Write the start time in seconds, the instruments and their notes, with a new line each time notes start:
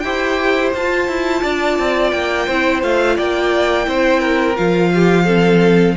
0.00 cello E4, viola G4, violin C5 G5
0.74 cello F4, viola F4, violin A5
1.08 cello E4
1.43 cello D4, violin D5
1.79 cello C4
2.10 cello A#3, violin G5
2.46 cello C4, viola E4, violin C5
2.82 cello A3, viola F4, violin F5
3.16 cello A#3, violin D5 G5
3.84 cello C4, viola E4, violin C5
4.20 violin A#4
4.56 cello F3, viola F4, violin F5
4.94 violin G4
5.25 viola C4, violin A4